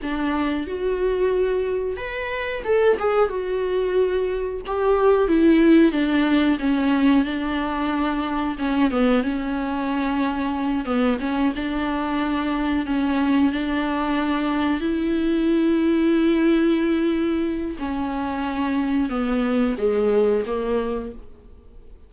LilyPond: \new Staff \with { instrumentName = "viola" } { \time 4/4 \tempo 4 = 91 d'4 fis'2 b'4 | a'8 gis'8 fis'2 g'4 | e'4 d'4 cis'4 d'4~ | d'4 cis'8 b8 cis'2~ |
cis'8 b8 cis'8 d'2 cis'8~ | cis'8 d'2 e'4.~ | e'2. cis'4~ | cis'4 b4 gis4 ais4 | }